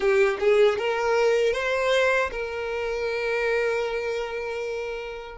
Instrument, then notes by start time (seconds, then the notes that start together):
violin
0.00 G4
0.39 G#4
0.78 A#4
1.53 C5
2.31 A#4